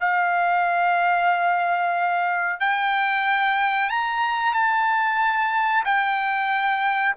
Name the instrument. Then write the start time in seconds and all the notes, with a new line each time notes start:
trumpet
0.00 F5
2.60 G5
3.90 A#5
4.53 A5
5.85 G5